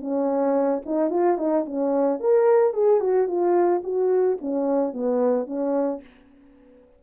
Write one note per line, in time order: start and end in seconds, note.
0.00 0.82 C#4
0.85 1.10 D#4
1.10 1.37 F4
1.37 1.65 D#4
1.65 2.19 C#4
2.19 2.73 A#4
2.73 3.00 G#4
3.00 3.27 F#4
3.27 3.82 F4
3.83 4.38 F#4
4.41 4.93 C#4
4.93 5.46 B3
5.46 6.00 C#4